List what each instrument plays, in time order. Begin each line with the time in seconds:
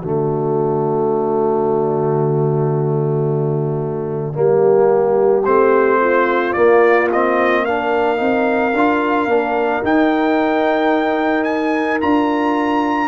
0.00 tuba D3, trombone A3, horn F#4, trumpet D5
4.34 tuba G3, trombone A#3, horn G4
5.45 tuba A3, trombone C4, trumpet C5
6.01 horn F4
6.53 trombone A#3, tuba A#3, trumpet D5
7.13 trombone C4, trumpet D#5
7.65 trombone D4, horn A#4, trumpet F5
8.17 tuba C4, trombone D#4
8.73 tuba D4, trombone F4
9.27 tuba A#3, trombone D4
9.83 tuba D#4, trombone D#4, trumpet G5
11.44 trumpet G#5
12.01 tuba D4, trombone F4, trumpet A#5